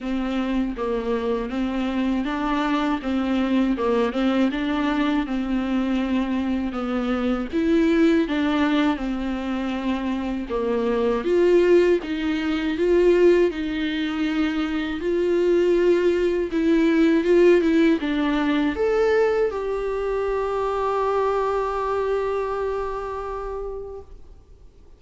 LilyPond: \new Staff \with { instrumentName = "viola" } { \time 4/4 \tempo 4 = 80 c'4 ais4 c'4 d'4 | c'4 ais8 c'8 d'4 c'4~ | c'4 b4 e'4 d'4 | c'2 ais4 f'4 |
dis'4 f'4 dis'2 | f'2 e'4 f'8 e'8 | d'4 a'4 g'2~ | g'1 | }